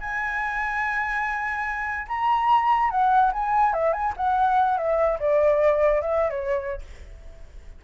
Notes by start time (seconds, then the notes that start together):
0.00 G#5
2.08 A#5
2.90 F#5
3.32 G#5
3.74 E5
3.93 G#5
4.17 F#5
4.77 E5
5.19 D5
6.02 E5
6.30 C#5